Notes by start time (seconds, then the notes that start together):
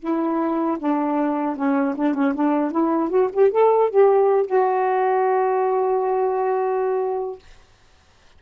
0.00 E4
0.79 D4
1.56 C#4
1.96 D4
2.14 C#4
2.35 D4
2.71 E4
3.10 F#4
3.33 G4
3.52 A4
3.90 G4
4.47 F#4